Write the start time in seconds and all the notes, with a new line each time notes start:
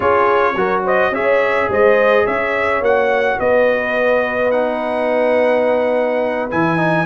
0.00 C#4 F4 G#4 C#5
0.55 F#3 F#4 A#4
0.84 C5 D#5
1.11 C#4 G#4 C#5 E5
1.69 G#3 C5 D#5
2.25 C#4 C#5 E5
2.81 A#3 F#4 F#5
3.38 B3 B4 D#5
4.51 D#4 F#5
6.50 E3 E4 G#5
6.77 D#4